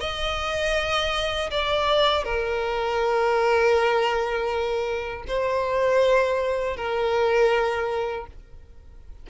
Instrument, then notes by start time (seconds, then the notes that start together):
violin
0.00 D#5
1.50 D5
2.24 A#4
5.27 C5
6.76 A#4